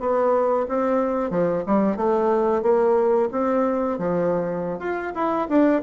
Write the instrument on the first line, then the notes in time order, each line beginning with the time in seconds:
bassoon
0.00 B3
0.68 C4
1.31 F3
1.66 G3
1.96 A3
2.62 A#3
3.32 C4
3.98 F3
4.79 F4
5.15 E4
5.49 D4